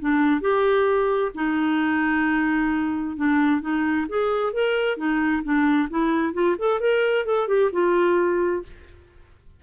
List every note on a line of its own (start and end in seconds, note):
0.00 0.41 D4
0.41 1.32 G4
1.35 3.17 D#4
3.17 3.61 D4
3.61 4.07 D#4
4.09 4.53 G#4
4.53 4.97 A#4
4.97 5.43 D#4
5.44 5.89 D4
5.90 6.34 E4
6.34 6.56 F4
6.59 6.80 A4
6.80 7.26 A#4
7.26 7.48 A4
7.48 7.71 G4
7.73 8.63 F4